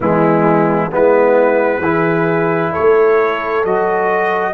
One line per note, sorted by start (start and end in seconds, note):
0.00 0.91 E3
0.00 0.91 G#3
0.00 0.90 B3
0.00 0.92 E4
0.91 1.78 G#3
0.91 1.82 B3
0.91 1.80 E4
0.91 2.73 B4
1.78 2.69 E3
1.78 3.65 E4
1.78 2.71 G#4
2.72 4.53 A4
2.72 3.64 C#5
2.78 3.64 A3
3.64 4.54 F#3
3.64 4.54 F#4
3.64 4.54 D#5